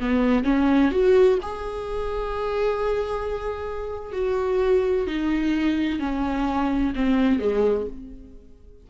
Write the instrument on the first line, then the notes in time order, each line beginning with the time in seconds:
viola
0.00 B3
0.44 C#4
0.92 F#4
1.43 G#4
4.13 F#4
5.07 D#4
5.99 C#4
6.96 C4
7.40 G#3